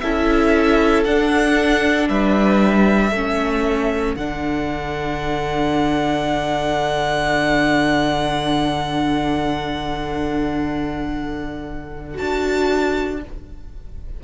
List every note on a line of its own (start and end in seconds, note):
0.00 1.06 C#4
0.00 1.06 E4
0.00 2.09 A4
0.00 1.03 E5
1.04 2.09 D4
1.04 3.13 D4
1.04 2.08 F#5
2.08 3.11 G3
2.08 3.09 B4
2.08 4.15 E5
3.09 4.15 A3
3.09 4.18 C#4
3.09 13.18 A4
4.16 12.18 D3
4.16 12.14 D4
4.16 12.17 F#5
12.14 13.17 F#4
12.14 13.20 A5
12.20 13.24 D4